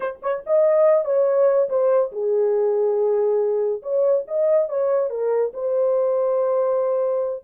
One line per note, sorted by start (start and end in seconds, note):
0.00 0.20 C5
0.22 0.44 C#5
0.46 1.04 D#5
1.04 1.68 C#5
1.69 2.11 C5
2.12 3.82 G#4
3.82 4.24 C#5
4.27 4.68 D#5
4.68 5.09 C#5
5.09 5.52 A#4
5.53 7.44 C5